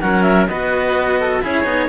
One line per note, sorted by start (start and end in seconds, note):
0.00 0.47 F#3
0.00 0.48 C#4
0.00 0.49 A#4
0.00 0.22 F#5
0.22 0.46 E5
0.47 1.42 B3
0.47 1.42 F#4
0.47 1.20 B4
0.47 1.41 D#5
1.20 1.43 A4
1.42 1.64 C#4
1.42 1.64 E4
1.42 1.89 G#4
1.42 1.89 C#5
1.64 1.88 B3
1.64 1.87 D#4